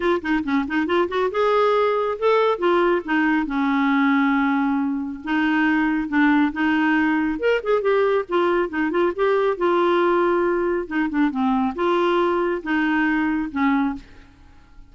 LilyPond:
\new Staff \with { instrumentName = "clarinet" } { \time 4/4 \tempo 4 = 138 f'8 dis'8 cis'8 dis'8 f'8 fis'8 gis'4~ | gis'4 a'4 f'4 dis'4 | cis'1 | dis'2 d'4 dis'4~ |
dis'4 ais'8 gis'8 g'4 f'4 | dis'8 f'8 g'4 f'2~ | f'4 dis'8 d'8 c'4 f'4~ | f'4 dis'2 cis'4 | }